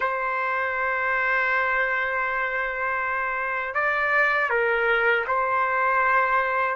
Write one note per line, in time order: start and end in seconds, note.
0.00 3.74 C5
3.74 4.49 D5
4.49 5.24 A#4
5.27 6.76 C5